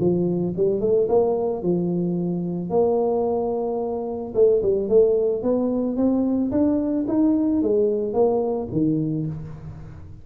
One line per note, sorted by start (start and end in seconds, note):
0.00 0.55 F3
0.57 0.81 G3
0.81 1.08 A3
1.09 1.63 A#3
1.63 2.70 F3
2.70 4.34 A#3
4.35 4.62 A3
4.63 4.89 G3
4.89 5.43 A3
5.43 5.97 B3
5.97 6.51 C4
6.52 7.06 D4
7.08 7.63 D#4
7.63 8.14 G#3
8.14 8.69 A#3
8.72 9.27 D#3